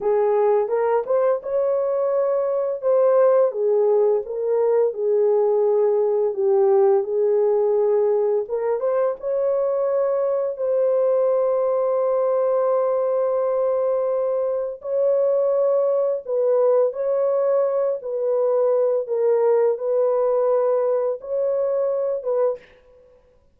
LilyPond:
\new Staff \with { instrumentName = "horn" } { \time 4/4 \tempo 4 = 85 gis'4 ais'8 c''8 cis''2 | c''4 gis'4 ais'4 gis'4~ | gis'4 g'4 gis'2 | ais'8 c''8 cis''2 c''4~ |
c''1~ | c''4 cis''2 b'4 | cis''4. b'4. ais'4 | b'2 cis''4. b'8 | }